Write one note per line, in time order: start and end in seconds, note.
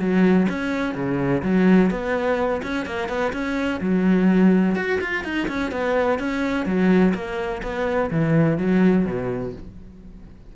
0.00 0.48 F#3
0.50 0.95 C#4
0.95 1.43 C#3
1.43 1.91 F#3
1.91 2.62 B3
2.63 2.86 C#4
2.86 3.09 A#3
3.09 3.33 B3
3.33 3.81 C#4
3.81 4.76 F#3
4.76 5.00 F#4
5.01 5.25 F4
5.25 5.48 D#4
5.49 5.72 C#4
5.72 6.19 B3
6.19 6.66 C#4
6.66 7.14 F#3
7.15 7.62 A#3
7.63 8.11 B3
8.11 8.58 E3
8.58 9.06 F#3
9.06 9.53 B2